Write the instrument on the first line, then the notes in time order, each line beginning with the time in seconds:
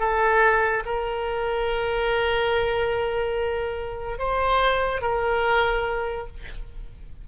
oboe
0.00 A4
0.86 A#4
4.19 C5
5.02 A#4